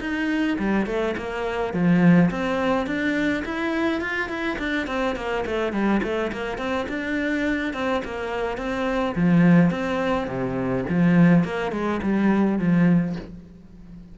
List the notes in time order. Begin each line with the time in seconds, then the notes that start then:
0.00 D#4
0.58 G3
0.86 A3
1.17 A#3
1.73 F3
2.31 C4
2.86 D4
3.45 E4
4.01 F4
4.29 E4
4.58 D4
4.87 C4
5.16 A#3
5.46 A3
5.72 G3
6.03 A3
6.32 A#3
6.58 C4
6.88 D4
7.73 C4
8.05 A#3
8.57 C4
9.15 F3
9.70 C4
10.27 C3
10.89 F3
11.44 A#3
11.72 G#3
12.02 G3
12.58 F3